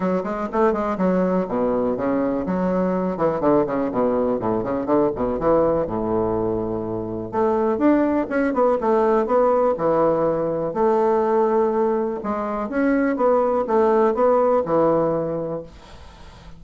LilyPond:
\new Staff \with { instrumentName = "bassoon" } { \time 4/4 \tempo 4 = 123 fis8 gis8 a8 gis8 fis4 b,4 | cis4 fis4. e8 d8 cis8 | b,4 a,8 cis8 d8 b,8 e4 | a,2. a4 |
d'4 cis'8 b8 a4 b4 | e2 a2~ | a4 gis4 cis'4 b4 | a4 b4 e2 | }